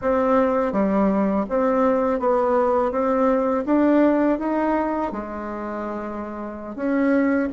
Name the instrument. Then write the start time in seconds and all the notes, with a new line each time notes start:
bassoon
0.01 C4
0.72 G3
1.49 C4
2.19 B3
2.91 C4
3.65 D4
4.38 D#4
5.12 G#3
6.75 C#4